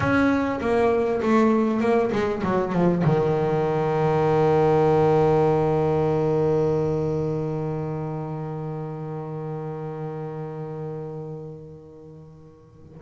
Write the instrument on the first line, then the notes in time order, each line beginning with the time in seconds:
double bass
0.00 C#4
0.60 A#3
1.21 A3
1.80 A#3
2.12 G#3
2.43 F#3
2.72 F3
3.03 D#3